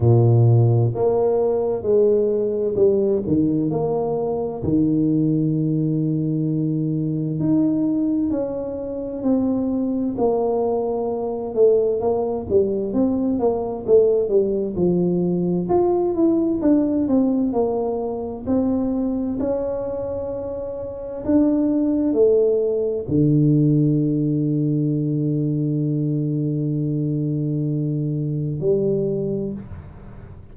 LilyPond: \new Staff \with { instrumentName = "tuba" } { \time 4/4 \tempo 4 = 65 ais,4 ais4 gis4 g8 dis8 | ais4 dis2. | dis'4 cis'4 c'4 ais4~ | ais8 a8 ais8 g8 c'8 ais8 a8 g8 |
f4 f'8 e'8 d'8 c'8 ais4 | c'4 cis'2 d'4 | a4 d2.~ | d2. g4 | }